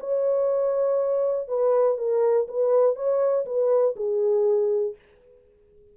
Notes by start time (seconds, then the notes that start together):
0.00 C#5
1.48 B4
1.98 A#4
2.48 B4
2.96 C#5
3.46 B4
3.96 G#4